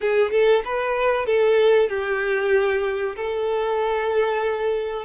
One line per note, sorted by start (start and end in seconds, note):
0.01 0.31 G#4
0.31 0.62 A4
0.65 1.26 B4
1.26 1.89 A4
1.89 3.15 G4
3.16 5.05 A4